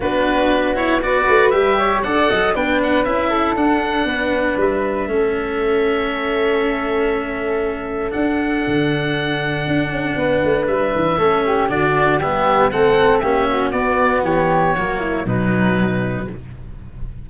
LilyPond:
<<
  \new Staff \with { instrumentName = "oboe" } { \time 4/4 \tempo 4 = 118 b'4. cis''8 d''4 e''4 | fis''4 g''8 fis''8 e''4 fis''4~ | fis''4 e''2.~ | e''1 |
fis''1~ | fis''4 e''2 d''4 | e''4 fis''4 e''4 d''4 | cis''2 b'2 | }
  \new Staff \with { instrumentName = "flute" } { \time 4/4 fis'2 b'4. cis''8 | d''8 dis''8 b'4. a'4. | b'2 a'2~ | a'1~ |
a'1 | b'2 a'8 g'8 fis'4 | g'4 a'4 g'8 fis'4. | g'4 fis'8 e'8 dis'2 | }
  \new Staff \with { instrumentName = "cello" } { \time 4/4 d'4. e'8 fis'4 g'4 | a'4 d'4 e'4 d'4~ | d'2 cis'2~ | cis'1 |
d'1~ | d'2 cis'4 d'4 | b4 c'4 cis'4 b4~ | b4 ais4 fis2 | }
  \new Staff \with { instrumentName = "tuba" } { \time 4/4 b2~ b8 a8 g4 | d'8 fis8 b4 cis'4 d'4 | b4 g4 a2~ | a1 |
d'4 d2 d'8 cis'8 | b8 a8 g8 e8 a4 d4 | g4 a4 ais4 b4 | e4 fis4 b,2 | }
>>